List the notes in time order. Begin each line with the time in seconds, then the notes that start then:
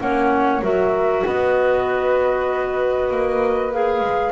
0.00 A#3 C#4 C#5 F#5
0.62 F#3 F#4 A#4 E5
1.25 B3 B4 D#5
3.11 A#3
3.73 G#4 F5
4.01 G#3